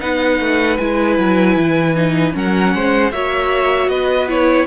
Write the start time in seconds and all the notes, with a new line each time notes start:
0.00 B3 D#4 B4 F#5
0.40 A3
0.78 G#3 E4 G#5
1.18 F#3
1.56 E3
1.95 D#4
2.32 F#3 C#4 A#4 F#5
2.74 G#3 C5
3.12 A#3 F#4 C#5 E5
3.87 B3 B4 D#5
4.28 E4 C#5